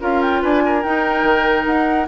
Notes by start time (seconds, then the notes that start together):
0.00 C#4 F4 A#4 F5
0.22 G5
0.42 D4 B4 G#5
0.65 A#4
0.83 D#4 G5
1.23 D#3
1.66 D#4 F#5